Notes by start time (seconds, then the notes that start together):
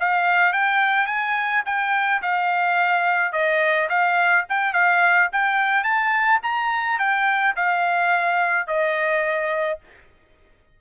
0.00 F5
0.53 G5
1.07 G#5
1.66 G5
2.22 F5
3.32 D#5
3.89 F5
4.49 G5
4.73 F5
5.32 G5
5.83 A5
6.43 A#5
6.99 G5
7.56 F5
8.67 D#5